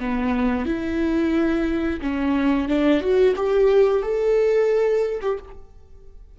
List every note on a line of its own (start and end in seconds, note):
0.00 0.66 B3
0.66 2.01 E4
2.02 2.69 C#4
2.69 3.01 D4
3.01 3.35 F#4
3.36 4.03 G4
4.03 5.21 A4
5.22 5.39 G4